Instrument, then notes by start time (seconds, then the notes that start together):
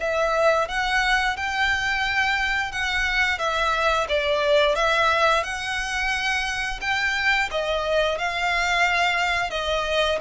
violin
0.00 E5
0.68 F#5
1.36 G5
2.71 F#5
3.38 E5
4.08 D5
4.75 E5
5.43 F#5
6.81 G5
7.50 D#5
8.18 F5
9.50 D#5